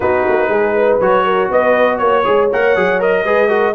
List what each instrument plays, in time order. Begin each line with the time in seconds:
0.00 tuba B3, trombone D#4, horn F#4, trumpet B4
0.28 tuba A#3
0.48 tuba G#3, horn G#4
0.76 horn B4
1.00 tuba F#3, trombone F#4, trumpet C#5
1.24 horn A#4
1.50 tuba B3, horn B4, trumpet D#5
1.97 tuba A#3, trumpet C#5, horn C#5
2.24 tuba G#3, trombone G#4
2.52 tuba A#3, trombone A#4, trumpet F#5
2.75 tuba F#3, trombone G#4
2.99 trombone A#4, trumpet D#5
3.24 tuba G#3, trombone G#4, horn B4
3.48 trombone F#4, horn A#4